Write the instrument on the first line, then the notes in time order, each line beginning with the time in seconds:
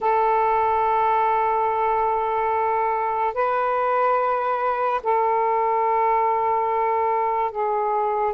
saxophone
0.00 A4
3.34 B4
5.03 A4
7.51 G#4